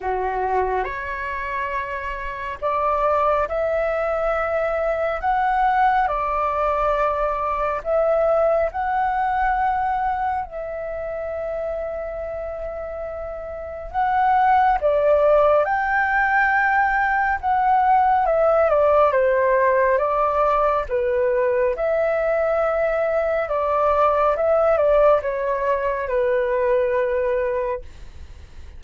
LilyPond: \new Staff \with { instrumentName = "flute" } { \time 4/4 \tempo 4 = 69 fis'4 cis''2 d''4 | e''2 fis''4 d''4~ | d''4 e''4 fis''2 | e''1 |
fis''4 d''4 g''2 | fis''4 e''8 d''8 c''4 d''4 | b'4 e''2 d''4 | e''8 d''8 cis''4 b'2 | }